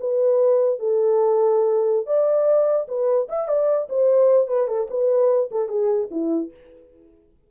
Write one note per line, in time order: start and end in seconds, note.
0.00 0.79 B4
0.79 2.07 A4
2.07 2.87 D5
2.88 3.28 B4
3.29 3.48 E5
3.48 3.88 D5
3.89 4.47 C5
4.47 4.67 B4
4.67 4.87 A4
4.90 5.50 B4
5.51 5.68 A4
5.68 6.08 G#4
6.11 6.51 E4